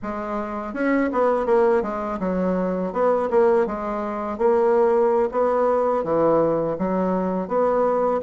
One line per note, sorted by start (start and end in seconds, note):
0.02 0.73 G#3
0.73 1.10 C#4
1.12 1.46 B3
1.46 1.82 A#3
1.82 2.19 G#3
2.19 2.92 F#3
2.92 3.29 B3
3.30 3.66 A#3
3.66 4.37 G#3
4.37 5.29 A#3
5.31 6.03 B3
6.03 6.76 E3
6.78 7.47 F#3
7.47 8.21 B3